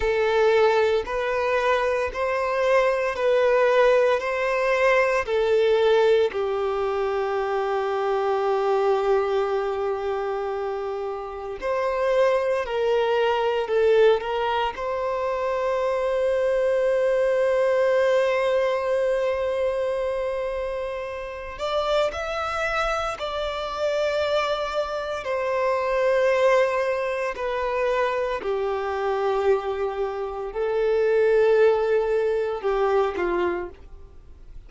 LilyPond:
\new Staff \with { instrumentName = "violin" } { \time 4/4 \tempo 4 = 57 a'4 b'4 c''4 b'4 | c''4 a'4 g'2~ | g'2. c''4 | ais'4 a'8 ais'8 c''2~ |
c''1~ | c''8 d''8 e''4 d''2 | c''2 b'4 g'4~ | g'4 a'2 g'8 f'8 | }